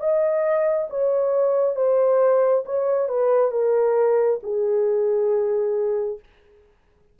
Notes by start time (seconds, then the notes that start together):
0.00 D#5
0.90 C#5
1.76 C5
2.66 C#5
3.09 B4
3.52 A#4
4.43 G#4